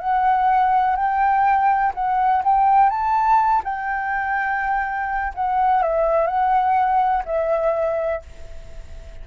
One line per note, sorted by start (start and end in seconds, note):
0.00 0.96 F#5
0.96 1.93 G5
1.94 2.43 F#5
2.45 2.90 G5
2.90 3.62 A5
3.64 5.34 G5
5.35 5.82 F#5
5.82 6.27 E5
6.27 7.24 F#5
7.26 8.23 E5